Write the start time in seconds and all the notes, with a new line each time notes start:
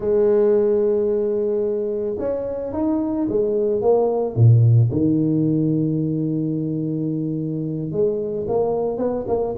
0.00 G#3
2.18 C#4
2.72 D#4
3.29 G#3
3.81 A#3
4.35 A#2
4.91 D#3
7.91 G#3
8.47 A#3
8.97 B3
9.27 A#3